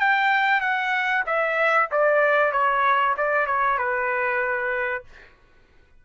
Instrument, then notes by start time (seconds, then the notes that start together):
trumpet
0.00 G5
0.61 F#5
1.26 E5
1.91 D5
2.52 C#5
3.17 D5
3.47 C#5
3.78 B4